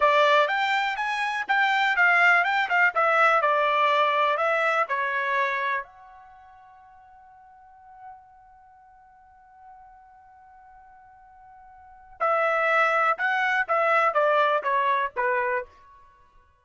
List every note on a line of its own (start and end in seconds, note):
0.00 0.48 D5
0.48 0.96 G5
0.96 1.45 G#5
1.48 1.96 G5
1.96 2.44 F5
2.44 2.69 G5
2.69 2.93 F5
2.94 3.41 E5
3.41 4.37 D5
4.37 4.85 E5
4.88 5.83 C#5
5.83 12.18 F#5
12.20 13.17 E5
13.18 13.67 F#5
13.68 14.14 E5
14.14 14.62 D5
14.63 15.12 C#5
15.16 15.65 B4